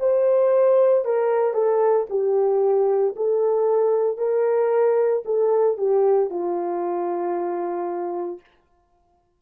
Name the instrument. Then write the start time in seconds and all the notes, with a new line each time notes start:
horn
0.00 C5
1.05 A#4
1.54 A4
2.10 G4
3.16 A4
4.18 A#4
5.25 A4
5.78 G4
6.30 F4